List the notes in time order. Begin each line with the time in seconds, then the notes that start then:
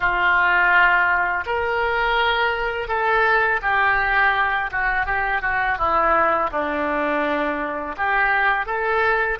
0.00 F4
1.46 A#4
2.88 A4
3.61 G4
4.72 F#4
5.05 G4
5.41 F#4
5.78 E4
6.51 D4
7.97 G4
8.65 A4